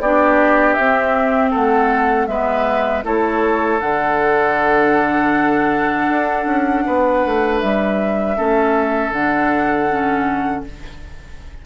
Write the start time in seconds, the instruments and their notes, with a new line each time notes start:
0.00 bassoon B3, clarinet D4, oboe G4, flute D5
0.74 bassoon C4, flute E5
0.80 clarinet C4
1.50 bassoon A3, oboe A4, flute F#5
2.27 bassoon G#3, clarinet B3, oboe B4, flute E5
3.03 bassoon A3, clarinet E4, oboe A4, flute C#5
3.80 bassoon D3, clarinet D4, flute F#5
6.09 bassoon D4
6.46 bassoon C#4
6.86 bassoon B3, oboe B4
7.25 bassoon A3
7.60 bassoon G3, flute E5
8.37 bassoon A3, clarinet C#4, oboe A4
9.11 bassoon D3, clarinet D4, flute F#5
9.90 clarinet C#4